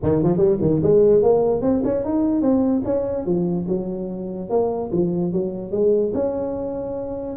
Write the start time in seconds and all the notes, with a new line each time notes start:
0.02 D#3
0.23 F3
0.37 G3
0.61 D#3
0.83 G#3
1.22 A#3
1.61 C4
1.84 C#4
2.04 D#4
2.41 C4
2.85 C#4
3.25 F3
3.68 F#3
4.49 A#3
4.91 F3
5.32 F#3
5.71 G#3
6.14 C#4